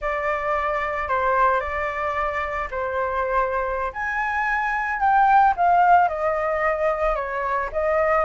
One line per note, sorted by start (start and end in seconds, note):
0.01 1.08 D5
1.08 1.60 C5
1.60 2.68 D5
2.70 3.92 C5
3.92 5.00 G#5
5.00 5.54 G5
5.56 6.08 F5
6.08 7.15 D#5
7.15 7.69 C#5
7.72 8.24 D#5